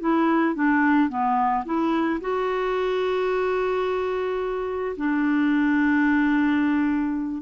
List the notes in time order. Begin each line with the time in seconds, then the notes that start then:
0.00 E4
0.55 D4
1.09 B3
1.65 E4
2.20 F#4
4.97 D4